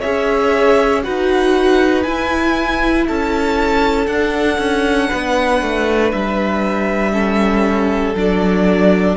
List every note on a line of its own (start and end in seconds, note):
0.00 1.06 C#4
0.00 1.03 G#4
0.00 1.02 C#5
0.00 1.03 E5
1.03 2.06 D#4
1.03 2.05 F#4
1.03 3.07 B4
1.03 2.03 F#5
2.03 4.08 E4
2.03 3.08 E4
2.03 3.05 G#5
3.07 4.07 C#4
3.07 5.09 A4
3.07 4.07 A5
4.07 4.58 D4
4.07 7.13 D4
4.07 6.10 F#5
4.58 5.09 C#4
5.09 5.62 B3
5.09 7.12 B4
5.62 6.13 A3
6.12 8.15 G3
6.12 8.16 E5
7.13 8.15 C#4
7.13 9.16 A4
8.15 9.16 F#3
8.15 9.17 D4
8.15 9.17 D5